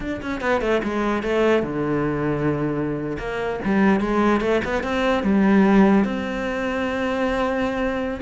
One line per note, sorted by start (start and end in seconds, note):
0.00 0.21 D4
0.22 0.40 C#4
0.40 0.61 B3
0.61 0.81 A3
0.83 1.22 G#3
1.22 1.63 A3
1.63 3.17 D3
3.18 3.59 A#3
3.64 4.00 G3
4.00 4.41 G#3
4.41 4.61 A3
4.64 4.83 B3
4.83 5.23 C4
5.23 6.04 G3
6.04 8.20 C4